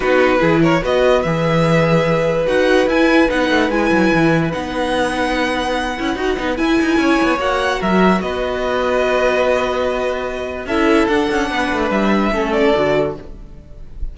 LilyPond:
<<
  \new Staff \with { instrumentName = "violin" } { \time 4/4 \tempo 4 = 146 b'4. cis''8 dis''4 e''4~ | e''2 fis''4 gis''4 | fis''4 gis''2 fis''4~ | fis''1 |
gis''2 fis''4 e''4 | dis''1~ | dis''2 e''4 fis''4~ | fis''4 e''4. d''4. | }
  \new Staff \with { instrumentName = "violin" } { \time 4/4 fis'4 gis'8 ais'8 b'2~ | b'1~ | b'1~ | b'1~ |
b'4 cis''2 ais'4 | b'1~ | b'2 a'2 | b'2 a'2 | }
  \new Staff \with { instrumentName = "viola" } { \time 4/4 dis'4 e'4 fis'4 gis'4~ | gis'2 fis'4 e'4 | dis'4 e'2 dis'4~ | dis'2~ dis'8 e'8 fis'8 dis'8 |
e'2 fis'2~ | fis'1~ | fis'2 e'4 d'4~ | d'2 cis'4 fis'4 | }
  \new Staff \with { instrumentName = "cello" } { \time 4/4 b4 e4 b4 e4~ | e2 dis'4 e'4 | b8 a8 gis8 fis8 e4 b4~ | b2~ b8 cis'8 dis'8 b8 |
e'8 dis'8 cis'8 b8 ais4 fis4 | b1~ | b2 cis'4 d'8 cis'8 | b8 a8 g4 a4 d4 | }
>>